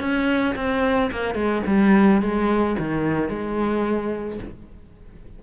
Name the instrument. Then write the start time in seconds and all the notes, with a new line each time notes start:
cello
0.00 C#4
0.56 C4
1.12 A#3
1.35 G#3
1.67 G3
2.22 G#3
2.79 D#3
3.29 G#3